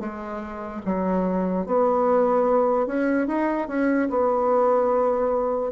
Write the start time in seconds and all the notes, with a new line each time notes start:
0.00 G#3
0.86 F#3
1.67 B3
2.87 C#4
3.28 D#4
3.69 C#4
4.10 B3